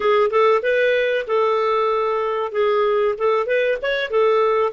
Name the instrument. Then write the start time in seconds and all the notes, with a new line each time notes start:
clarinet
0.00 G#4
0.30 A4
0.62 B4
1.27 A4
2.51 G#4
3.18 A4
3.46 B4
3.82 C#5
4.10 A4